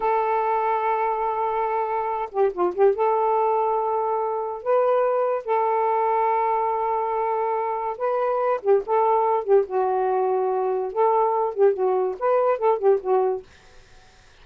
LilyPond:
\new Staff \with { instrumentName = "saxophone" } { \time 4/4 \tempo 4 = 143 a'1~ | a'4. g'8 f'8 g'8 a'4~ | a'2. b'4~ | b'4 a'2.~ |
a'2. b'4~ | b'8 g'8 a'4. g'8 fis'4~ | fis'2 a'4. g'8 | fis'4 b'4 a'8 g'8 fis'4 | }